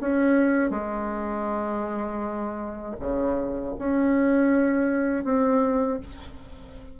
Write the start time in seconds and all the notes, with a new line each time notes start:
0.00 C#4
0.70 G#3
3.00 C#3
3.78 C#4
5.24 C4